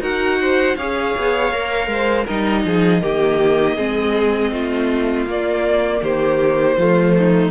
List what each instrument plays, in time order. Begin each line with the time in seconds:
0.00 cello D#4, viola F#4, violin A#4 F#5
0.41 violin C5
0.76 cello C#4, viola G#4, violin C#5 F5
1.17 cello B3
1.52 cello A#3, viola A#4
1.87 cello G#3, violin C5
2.25 cello G3, viola D#4, violin A#4 D#5
2.65 cello F3, violin G#4
3.01 cello D#3, viola A#3, violin G4
3.76 cello G#3, viola C4, violin G#4
4.52 cello A3, violin F4
5.26 cello A#3, viola A#3, violin D5
6.02 cello D#3, violin G4 C5
6.77 cello F3, viola A3, violin F4
7.18 violin D#4